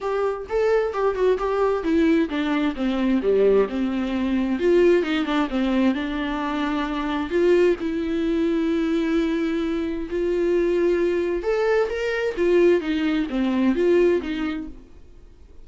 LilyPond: \new Staff \with { instrumentName = "viola" } { \time 4/4 \tempo 4 = 131 g'4 a'4 g'8 fis'8 g'4 | e'4 d'4 c'4 g4 | c'2 f'4 dis'8 d'8 | c'4 d'2. |
f'4 e'2.~ | e'2 f'2~ | f'4 a'4 ais'4 f'4 | dis'4 c'4 f'4 dis'4 | }